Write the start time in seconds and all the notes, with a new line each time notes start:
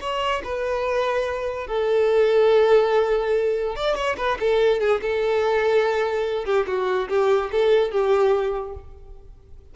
0.00 C#5
0.44 B4
1.67 A4
3.75 D5
3.95 C#5
4.17 B4
4.40 A4
4.80 G#4
5.01 A4
6.45 G4
6.66 F#4
7.08 G4
7.51 A4
7.91 G4